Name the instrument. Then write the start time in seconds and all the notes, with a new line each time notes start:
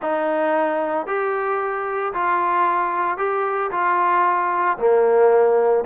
trombone
0.02 D#4
1.06 G4
2.13 F4
3.17 G4
3.71 F4
4.78 A#3